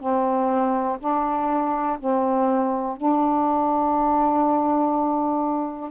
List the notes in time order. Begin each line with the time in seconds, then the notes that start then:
0.00 C4
1.00 D4
1.99 C4
2.97 D4